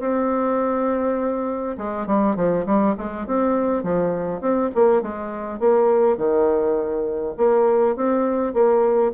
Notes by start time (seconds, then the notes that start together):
0.00 C4
1.77 G#3
2.07 G3
2.36 F3
2.66 G3
2.98 G#3
3.26 C4
3.83 F3
4.40 C4
4.74 A#3
5.02 G#3
5.59 A#3
6.17 D#3
7.37 A#3
7.96 C4
8.53 A#3